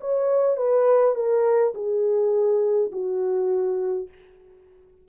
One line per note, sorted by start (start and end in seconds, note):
0.00 0.56 C#5
0.56 1.15 B4
1.15 1.73 A#4
1.74 2.90 G#4
2.92 4.08 F#4